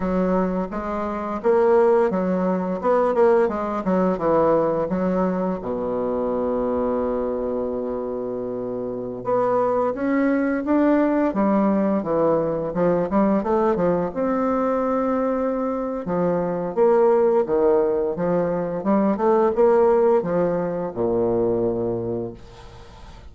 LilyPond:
\new Staff \with { instrumentName = "bassoon" } { \time 4/4 \tempo 4 = 86 fis4 gis4 ais4 fis4 | b8 ais8 gis8 fis8 e4 fis4 | b,1~ | b,4~ b,16 b4 cis'4 d'8.~ |
d'16 g4 e4 f8 g8 a8 f16~ | f16 c'2~ c'8. f4 | ais4 dis4 f4 g8 a8 | ais4 f4 ais,2 | }